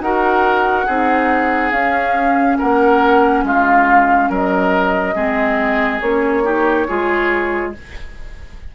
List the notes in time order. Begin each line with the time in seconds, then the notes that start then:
0.00 D#4 F#4 A#4 F#5
0.86 C4 D#4 G#4
1.71 C#4 F5
2.58 A#3 A#4 F#5
3.44 G#3 F4 F5
4.29 F#3 A#4 D#5
5.15 G#3 C4 G#4
6.01 A#3 C#4 C#5
6.44 D#4 G4
6.87 G#3 F4 G#4